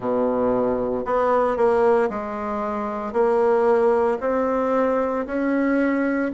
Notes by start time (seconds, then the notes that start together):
0.00 B2
1.05 B3
1.56 A#3
2.09 G#3
3.12 A#3
4.20 C4
5.26 C#4